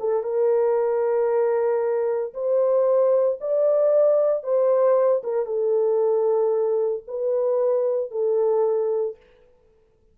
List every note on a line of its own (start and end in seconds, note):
0.00 0.23 A4
0.23 2.34 A#4
2.34 3.39 C5
3.41 4.44 D5
4.44 5.22 C5
5.24 5.46 A#4
5.46 7.04 A4
7.08 8.11 B4
8.11 9.17 A4